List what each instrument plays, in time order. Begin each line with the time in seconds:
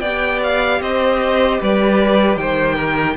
0.00 cello B3, viola G4, violin D5 G5
0.43 violin F5
0.80 cello C4, violin C5 D#5
1.61 cello G3, violin B4 D5
2.37 cello D#3, violin C5 G5
2.75 violin A#4